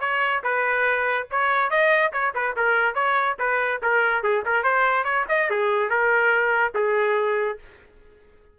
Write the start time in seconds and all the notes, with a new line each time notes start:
0.00 C#5
0.43 B4
1.31 C#5
1.70 D#5
2.12 C#5
2.35 B4
2.56 A#4
2.95 C#5
3.39 B4
3.82 A#4
4.23 G#4
4.45 A#4
4.63 C5
5.04 C#5
5.28 D#5
5.49 G#4
5.90 A#4
6.75 G#4